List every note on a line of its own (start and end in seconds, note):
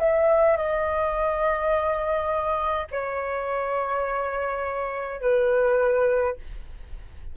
0.00 0.57 E5
0.57 2.88 D#5
2.92 5.21 C#5
5.21 6.37 B4